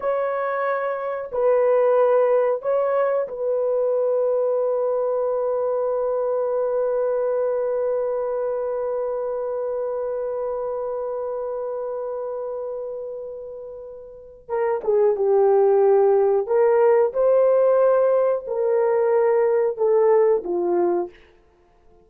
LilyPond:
\new Staff \with { instrumentName = "horn" } { \time 4/4 \tempo 4 = 91 cis''2 b'2 | cis''4 b'2.~ | b'1~ | b'1~ |
b'1~ | b'2 ais'8 gis'8 g'4~ | g'4 ais'4 c''2 | ais'2 a'4 f'4 | }